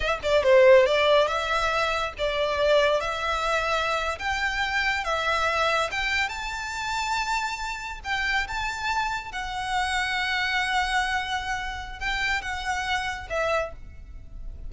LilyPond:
\new Staff \with { instrumentName = "violin" } { \time 4/4 \tempo 4 = 140 e''8 d''8 c''4 d''4 e''4~ | e''4 d''2 e''4~ | e''4.~ e''16 g''2 e''16~ | e''4.~ e''16 g''4 a''4~ a''16~ |
a''2~ a''8. g''4 a''16~ | a''4.~ a''16 fis''2~ fis''16~ | fis''1 | g''4 fis''2 e''4 | }